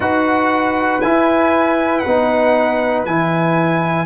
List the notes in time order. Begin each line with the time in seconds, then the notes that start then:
0.00 D#4 F#4 B4 F#5
1.01 E4 G#5
1.99 F#5
2.06 B3 D#4
3.05 E3 E4 G#5